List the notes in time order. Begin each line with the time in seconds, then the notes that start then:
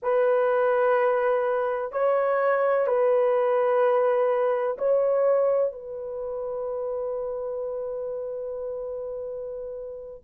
0.02 B4
1.91 C#5
2.86 B4
4.78 C#5
5.72 B4